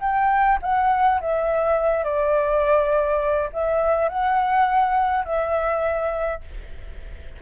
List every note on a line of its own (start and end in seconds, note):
0.00 0.58 G5
0.62 1.20 F#5
1.21 2.04 E5
2.04 3.50 D5
3.53 4.09 E5
4.09 5.25 F#5
5.25 6.41 E5